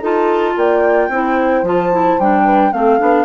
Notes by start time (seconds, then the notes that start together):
0.00 D#4 F4 A4 A5
0.56 A#3 D5 G5
1.08 C4 E4 C5
1.62 F3 F4 A5
1.92 E4
2.18 G3 D4 G5
2.44 B4
2.72 A3 C4 A4 F5
2.98 B3 D4